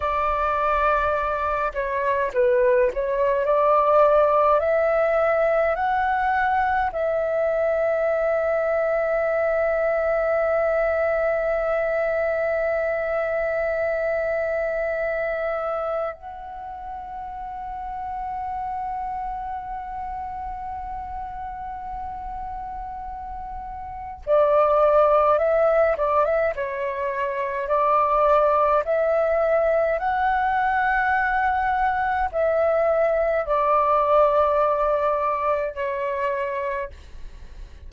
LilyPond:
\new Staff \with { instrumentName = "flute" } { \time 4/4 \tempo 4 = 52 d''4. cis''8 b'8 cis''8 d''4 | e''4 fis''4 e''2~ | e''1~ | e''2 fis''2~ |
fis''1~ | fis''4 d''4 e''8 d''16 e''16 cis''4 | d''4 e''4 fis''2 | e''4 d''2 cis''4 | }